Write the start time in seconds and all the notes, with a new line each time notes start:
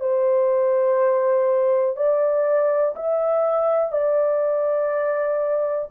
0.00 C5
1.96 D5
2.96 E5
3.92 D5